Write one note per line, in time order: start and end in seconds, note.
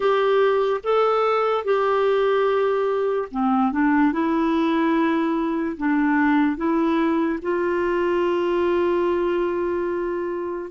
0.00 0.80 G4
0.83 1.64 A4
1.64 3.28 G4
3.31 3.72 C4
3.72 4.12 D4
4.12 5.76 E4
5.77 6.56 D4
6.56 7.39 E4
7.42 10.70 F4